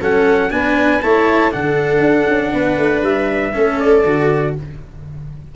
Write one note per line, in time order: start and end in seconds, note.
0.00 0.50 F#3
0.00 0.50 C#4
0.00 0.50 A4
0.00 0.51 F#5
0.50 1.01 B3
0.50 1.00 D4
0.50 1.03 B4
0.50 1.01 G#5
1.01 1.53 A3
1.01 1.50 E4
1.01 1.52 C#5
1.01 1.52 A5
1.50 1.99 D3
1.50 3.52 D4
1.50 2.53 A4
1.50 3.03 F#5
1.99 2.25 D4
2.28 2.53 C#4
2.53 2.77 B3
2.53 3.53 B4
2.77 3.02 A3
3.02 3.52 G3
3.02 3.79 E5
3.53 4.04 A3
3.53 4.03 C#4
3.53 4.54 A4
3.79 4.55 D5
4.04 4.55 D3
4.04 4.55 F#4